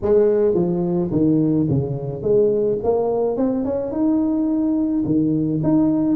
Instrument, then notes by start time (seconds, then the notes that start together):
tuba
0.02 G#3
0.54 F3
1.11 D#3
1.69 C#3
2.22 G#3
2.83 A#3
3.36 C4
3.64 C#4
3.91 D#4
5.05 D#3
5.63 D#4